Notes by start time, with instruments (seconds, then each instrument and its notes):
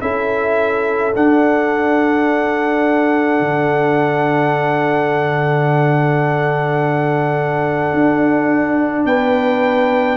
0.00 tuba C#4, trombone E4, horn A4, trumpet E5
1.15 tuba D4, trombone D4, trumpet F#5
3.40 tuba D3
7.94 tuba D4
9.05 tuba B3, horn B4, trumpet G5